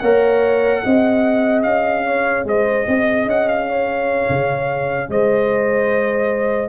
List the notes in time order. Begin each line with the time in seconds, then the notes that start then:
0.00 A#3 A#4 C#5 F#5
0.84 C4 G#4 D#5
1.63 C#4 F5
2.06 C#5
2.45 G#3 C5 D#5
2.87 C4 D#5
3.26 C#4 F#5
3.48 F5
3.69 C#5
4.29 C#3
5.09 G#3 C5 D#5